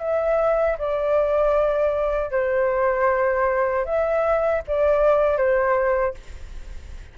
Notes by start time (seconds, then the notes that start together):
0.00 E5
0.78 D5
2.31 C5
3.85 E5
4.67 D5
5.37 C5